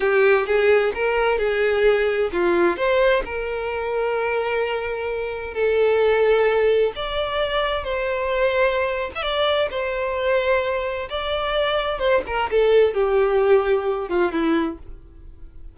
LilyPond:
\new Staff \with { instrumentName = "violin" } { \time 4/4 \tempo 4 = 130 g'4 gis'4 ais'4 gis'4~ | gis'4 f'4 c''4 ais'4~ | ais'1 | a'2. d''4~ |
d''4 c''2~ c''8. e''16 | d''4 c''2. | d''2 c''8 ais'8 a'4 | g'2~ g'8 f'8 e'4 | }